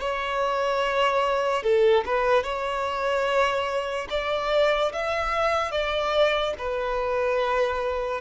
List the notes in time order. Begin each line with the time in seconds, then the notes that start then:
0.00 C#5
1.63 A4
2.05 B4
2.44 C#5
4.10 D5
4.93 E5
5.72 D5
6.58 B4